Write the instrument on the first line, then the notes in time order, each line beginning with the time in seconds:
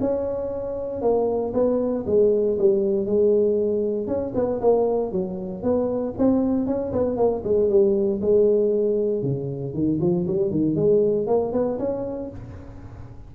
tuba
0.00 C#4
1.01 A#3
1.53 B3
2.06 G#3
2.58 G3
3.06 G#3
4.07 C#4
4.34 B3
4.60 A#3
5.12 F#3
5.62 B3
6.17 C4
6.66 C#4
6.92 B3
7.16 A#3
7.44 G#3
7.69 G3
8.21 G#3
9.22 C#3
9.73 D#3
10.00 F3
10.27 G3
10.50 D#3
10.75 G#3
11.27 A#3
11.52 B3
11.78 C#4